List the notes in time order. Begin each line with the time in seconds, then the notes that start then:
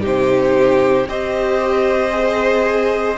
0.00 C3 D#4 G4
0.06 C5
1.07 C4 G4 C5 D#5
2.11 G#4